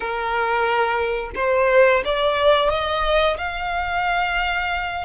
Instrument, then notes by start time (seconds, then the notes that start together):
violin
0.00 A#4
1.35 C5
2.04 D5
2.69 D#5
3.37 F5